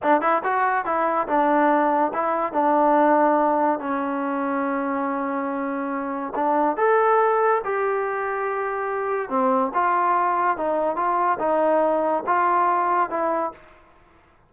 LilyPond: \new Staff \with { instrumentName = "trombone" } { \time 4/4 \tempo 4 = 142 d'8 e'8 fis'4 e'4 d'4~ | d'4 e'4 d'2~ | d'4 cis'2.~ | cis'2. d'4 |
a'2 g'2~ | g'2 c'4 f'4~ | f'4 dis'4 f'4 dis'4~ | dis'4 f'2 e'4 | }